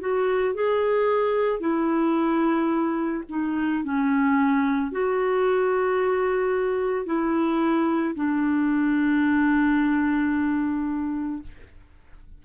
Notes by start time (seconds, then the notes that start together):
0.00 F#4
0.55 G#4
1.60 E4
3.30 D#4
3.84 C#4
4.92 F#4
7.06 E4
8.15 D4